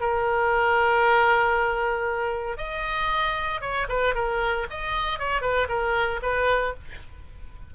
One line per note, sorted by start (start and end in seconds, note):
0.00 2.57 A#4
2.57 3.60 D#5
3.61 3.87 C#5
3.88 4.14 B4
4.14 4.66 A#4
4.70 5.18 D#5
5.18 5.41 C#5
5.41 5.67 B4
5.68 6.20 A#4
6.22 6.74 B4